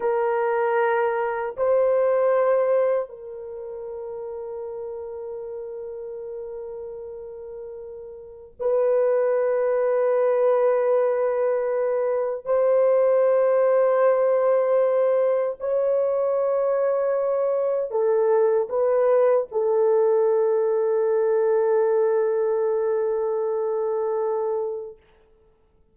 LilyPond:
\new Staff \with { instrumentName = "horn" } { \time 4/4 \tempo 4 = 77 ais'2 c''2 | ais'1~ | ais'2. b'4~ | b'1 |
c''1 | cis''2. a'4 | b'4 a'2.~ | a'1 | }